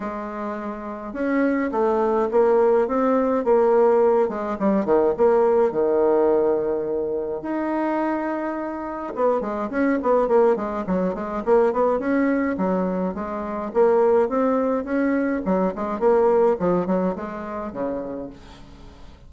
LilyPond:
\new Staff \with { instrumentName = "bassoon" } { \time 4/4 \tempo 4 = 105 gis2 cis'4 a4 | ais4 c'4 ais4. gis8 | g8 dis8 ais4 dis2~ | dis4 dis'2. |
b8 gis8 cis'8 b8 ais8 gis8 fis8 gis8 | ais8 b8 cis'4 fis4 gis4 | ais4 c'4 cis'4 fis8 gis8 | ais4 f8 fis8 gis4 cis4 | }